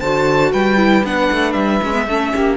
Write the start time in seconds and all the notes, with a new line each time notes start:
0.00 D3 F#4 C5 A5
0.51 G3 B4 G5
0.77 E4
1.04 B3 D4 F#5
1.31 A3
1.52 G3 E5
1.82 G#3 C#4
1.94 B3
2.07 A3 C#4 A4
2.31 A#3 G4